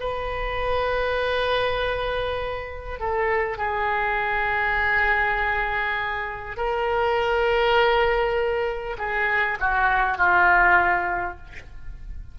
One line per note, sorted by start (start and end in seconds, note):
0.00 2.99 B4
2.99 3.58 A4
3.58 6.57 G#4
6.57 8.97 A#4
8.98 9.58 G#4
9.60 10.17 F#4
10.17 11.37 F4